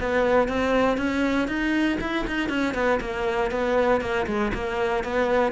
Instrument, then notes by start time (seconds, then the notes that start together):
cello
0.00 B3
0.48 C4
0.98 C#4
1.48 D#4
2.01 E4
2.27 D#4
2.49 C#4
2.74 B3
3.01 A#3
3.51 B3
4.02 A#3
4.27 G#3
4.54 A#3
5.04 B3